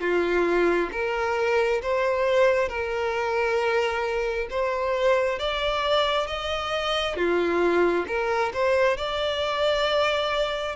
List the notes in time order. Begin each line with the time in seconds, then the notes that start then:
0.00 F4
0.91 A#4
1.82 C5
2.68 A#4
4.50 C5
5.39 D5
6.26 D#5
7.16 F4
8.07 A#4
8.53 C5
8.97 D5